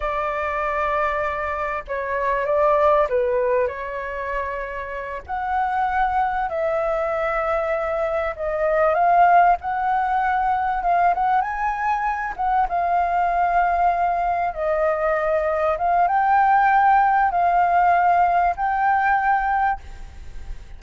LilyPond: \new Staff \with { instrumentName = "flute" } { \time 4/4 \tempo 4 = 97 d''2. cis''4 | d''4 b'4 cis''2~ | cis''8 fis''2 e''4.~ | e''4. dis''4 f''4 fis''8~ |
fis''4. f''8 fis''8 gis''4. | fis''8 f''2. dis''8~ | dis''4. f''8 g''2 | f''2 g''2 | }